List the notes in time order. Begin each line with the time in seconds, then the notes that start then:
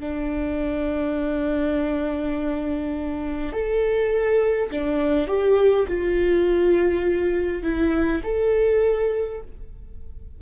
0.00 D4
3.53 A4
4.71 D4
5.27 G4
5.88 F4
7.63 E4
8.24 A4